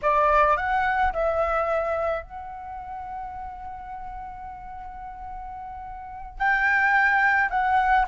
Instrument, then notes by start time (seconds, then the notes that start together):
flute
0.02 D5
0.56 F#5
1.12 E5
2.22 F#5
6.38 G5
7.50 F#5